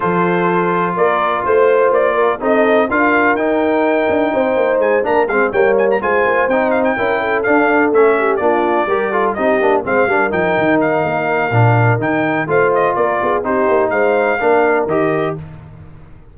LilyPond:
<<
  \new Staff \with { instrumentName = "trumpet" } { \time 4/4 \tempo 4 = 125 c''2 d''4 c''4 | d''4 dis''4 f''4 g''4~ | g''2 gis''8 ais''8 f''8 g''8 | gis''16 ais''16 gis''4 g''8 f''16 g''4~ g''16 f''8~ |
f''8 e''4 d''2 dis''8~ | dis''8 f''4 g''4 f''4.~ | f''4 g''4 f''8 dis''8 d''4 | c''4 f''2 dis''4 | }
  \new Staff \with { instrumentName = "horn" } { \time 4/4 a'2 ais'4 c''4~ | c''8 ais'8 a'4 ais'2~ | ais'4 c''4. ais'8 gis'8 cis''8~ | cis''8 c''2 ais'8 a'4~ |
a'4 g'8 f'4 ais'8 a'8 g'8~ | g'8 c''8 ais'2.~ | ais'2 c''4 ais'8 gis'8 | g'4 c''4 ais'2 | }
  \new Staff \with { instrumentName = "trombone" } { \time 4/4 f'1~ | f'4 dis'4 f'4 dis'4~ | dis'2~ dis'8 d'8 c'8 ais8~ | ais8 f'4 dis'4 e'4 d'8~ |
d'8 cis'4 d'4 g'8 f'8 dis'8 | d'8 c'8 d'8 dis'2~ dis'8 | d'4 dis'4 f'2 | dis'2 d'4 g'4 | }
  \new Staff \with { instrumentName = "tuba" } { \time 4/4 f2 ais4 a4 | ais4 c'4 d'4 dis'4~ | dis'8 d'8 c'8 ais8 gis8 ais8 gis8 g8~ | g8 gis8 ais8 c'4 cis'4 d'8~ |
d'8 a4 ais4 g4 c'8 | ais8 gis8 g8 f8 dis4 ais4 | ais,4 dis4 a4 ais8 b8 | c'8 ais8 gis4 ais4 dis4 | }
>>